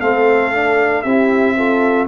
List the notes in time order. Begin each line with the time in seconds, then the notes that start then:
0.00 A3 C4 A4 F5
0.53 D4
1.03 C4 E4 G4 E5
1.57 F4 A4